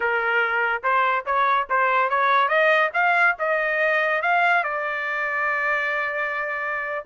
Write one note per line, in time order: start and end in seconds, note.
0.00 0.82 A#4
0.83 1.25 C5
1.25 1.67 C#5
1.69 2.09 C5
2.09 2.48 C#5
2.48 2.90 D#5
2.93 3.35 F5
3.38 4.22 D#5
4.22 4.63 F5
4.63 7.05 D5